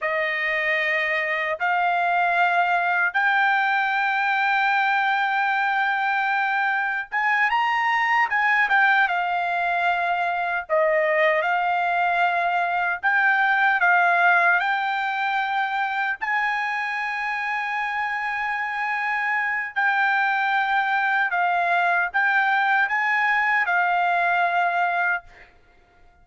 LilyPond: \new Staff \with { instrumentName = "trumpet" } { \time 4/4 \tempo 4 = 76 dis''2 f''2 | g''1~ | g''4 gis''8 ais''4 gis''8 g''8 f''8~ | f''4. dis''4 f''4.~ |
f''8 g''4 f''4 g''4.~ | g''8 gis''2.~ gis''8~ | gis''4 g''2 f''4 | g''4 gis''4 f''2 | }